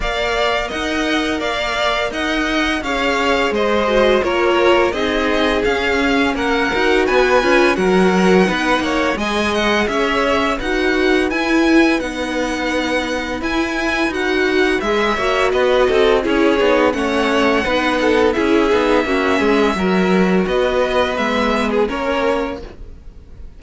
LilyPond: <<
  \new Staff \with { instrumentName = "violin" } { \time 4/4 \tempo 4 = 85 f''4 fis''4 f''4 fis''4 | f''4 dis''4 cis''4 dis''4 | f''4 fis''4 gis''4 fis''4~ | fis''4 gis''8 fis''8 e''4 fis''4 |
gis''4 fis''2 gis''4 | fis''4 e''4 dis''4 cis''4 | fis''2 e''2~ | e''4 dis''4 e''8. gis'16 cis''4 | }
  \new Staff \with { instrumentName = "violin" } { \time 4/4 d''4 dis''4 d''4 dis''4 | cis''4 c''4 ais'4 gis'4~ | gis'4 ais'4 b'4 ais'4 | b'8 cis''8 dis''4 cis''4 b'4~ |
b'1~ | b'4. cis''8 b'8 a'8 gis'4 | cis''4 b'8 a'8 gis'4 fis'8 gis'8 | ais'4 b'2 ais'4 | }
  \new Staff \with { instrumentName = "viola" } { \time 4/4 ais'1 | gis'4. fis'8 f'4 dis'4 | cis'4. fis'4 f'8 fis'4 | dis'4 gis'2 fis'4 |
e'4 dis'2 e'4 | fis'4 gis'8 fis'4. e'8 dis'8 | cis'4 dis'4 e'8 dis'8 cis'4 | fis'2 b4 cis'4 | }
  \new Staff \with { instrumentName = "cello" } { \time 4/4 ais4 dis'4 ais4 dis'4 | cis'4 gis4 ais4 c'4 | cis'4 ais8 dis'8 b8 cis'8 fis4 | b8 ais8 gis4 cis'4 dis'4 |
e'4 b2 e'4 | dis'4 gis8 ais8 b8 c'8 cis'8 b8 | a4 b4 cis'8 b8 ais8 gis8 | fis4 b4 gis4 ais4 | }
>>